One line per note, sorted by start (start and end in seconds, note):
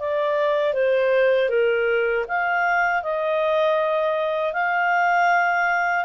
0.00 0.74 D5
0.74 1.49 C5
1.49 2.25 A#4
2.29 3.03 F5
3.03 4.54 D#5
4.54 6.05 F5